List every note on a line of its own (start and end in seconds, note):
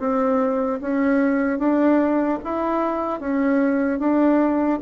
0.00 0.80 C4
0.81 1.59 C#4
1.59 2.39 D4
2.44 3.20 E4
3.20 3.99 C#4
3.99 4.79 D4